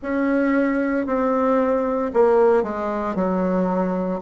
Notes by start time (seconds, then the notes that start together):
0.02 C#4
1.06 C4
2.13 A#3
2.63 G#3
3.15 F#3